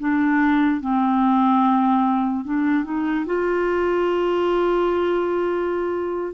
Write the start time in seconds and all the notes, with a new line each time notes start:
0.00 D4
0.81 C4
2.45 D4
2.85 D#4
3.27 F4